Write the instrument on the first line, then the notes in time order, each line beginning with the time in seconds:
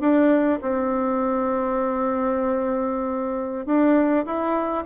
bassoon
0.00 D4
0.61 C4
3.66 D4
4.25 E4